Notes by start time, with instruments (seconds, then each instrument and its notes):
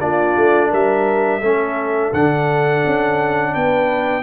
0.00 tuba A#3, trombone D4, horn F4, trumpet D5
0.36 tuba A3
0.69 tuba G3, horn A#4, trumpet E5
1.40 tuba A3, trombone C#4, horn A4
2.13 tuba D3, trombone D4, trumpet F#5
2.86 tuba C#4
3.54 tuba B3, horn B4, trumpet G5